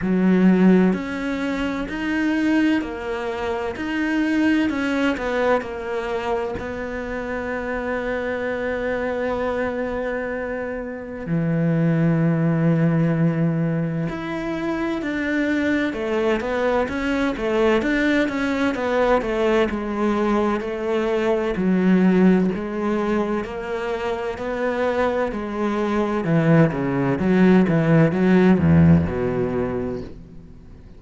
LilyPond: \new Staff \with { instrumentName = "cello" } { \time 4/4 \tempo 4 = 64 fis4 cis'4 dis'4 ais4 | dis'4 cis'8 b8 ais4 b4~ | b1 | e2. e'4 |
d'4 a8 b8 cis'8 a8 d'8 cis'8 | b8 a8 gis4 a4 fis4 | gis4 ais4 b4 gis4 | e8 cis8 fis8 e8 fis8 e,8 b,4 | }